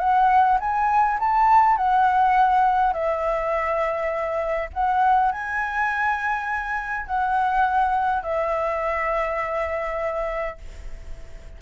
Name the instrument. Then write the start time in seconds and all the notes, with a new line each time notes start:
flute
0.00 F#5
0.60 G#5
1.20 A5
1.77 F#5
2.93 E5
4.74 F#5
5.32 G#5
7.07 F#5
8.23 E5